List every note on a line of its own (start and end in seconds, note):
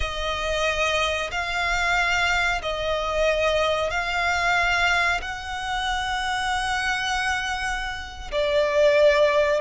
0.00 1.30 D#5
1.31 2.61 F5
2.62 3.90 D#5
3.90 5.21 F5
5.21 8.31 F#5
8.31 9.60 D5